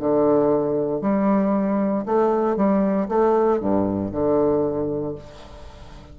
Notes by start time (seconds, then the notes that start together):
0.00 D3
1.02 G3
2.06 A3
2.57 G3
3.09 A3
3.61 G2
4.12 D3